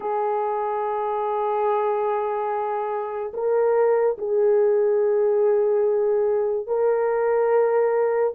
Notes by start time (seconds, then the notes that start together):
0.00 G#4
3.33 A#4
4.17 G#4
6.67 A#4